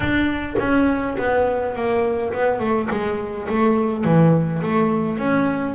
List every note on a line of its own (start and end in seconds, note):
0.00 0.55 D4
0.58 1.16 C#4
1.18 1.75 B3
1.75 2.32 A#3
2.33 2.59 B3
2.59 2.88 A3
2.90 3.48 G#3
3.49 4.04 A3
4.04 4.62 E3
4.62 5.18 A3
5.18 5.74 C#4